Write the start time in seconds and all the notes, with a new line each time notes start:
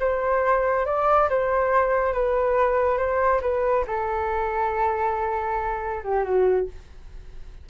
0.00 C5
0.86 D5
1.29 C5
2.13 B4
2.98 C5
3.42 B4
3.88 A4
6.04 G4
6.24 F#4